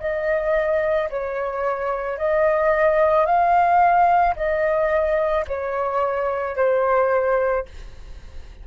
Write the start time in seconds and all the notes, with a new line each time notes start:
0.00 D#5
1.10 C#5
2.18 D#5
3.25 F5
4.36 D#5
5.47 C#5
6.56 C5